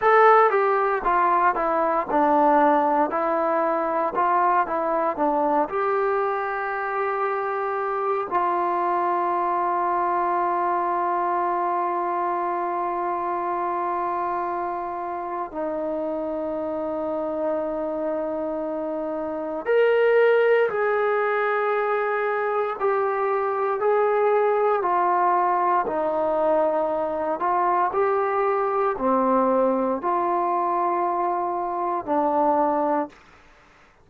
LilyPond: \new Staff \with { instrumentName = "trombone" } { \time 4/4 \tempo 4 = 58 a'8 g'8 f'8 e'8 d'4 e'4 | f'8 e'8 d'8 g'2~ g'8 | f'1~ | f'2. dis'4~ |
dis'2. ais'4 | gis'2 g'4 gis'4 | f'4 dis'4. f'8 g'4 | c'4 f'2 d'4 | }